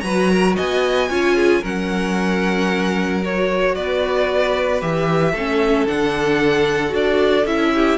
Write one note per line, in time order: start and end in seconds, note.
0.00 0.57 F#3
0.00 1.10 F#4
0.00 0.31 B4
0.00 0.53 A#5
0.31 0.56 A#4
0.56 1.10 B3
0.56 1.09 D#5
0.56 1.64 G#5
1.10 1.63 C#4
1.10 1.63 F4
1.10 1.35 C#5
1.35 1.61 G#4
1.61 3.77 F#3
1.61 3.22 C#4
1.61 3.73 A#4
1.61 3.24 F#5
3.23 4.81 F#4
3.23 3.75 C#5
3.75 4.82 B3
3.75 5.32 B4
3.75 4.81 D5
4.81 5.33 E3
4.81 5.34 G4
4.81 5.87 E5
5.32 5.87 A3
5.32 5.87 C#4
5.32 7.70 A4
5.87 6.93 D3
5.87 6.89 D4
5.87 6.94 F#5
6.89 7.46 D4
6.89 7.42 F#4
6.96 7.46 D5
7.46 7.98 C#4
7.46 7.98 E4
7.46 7.98 E5
7.74 7.98 G4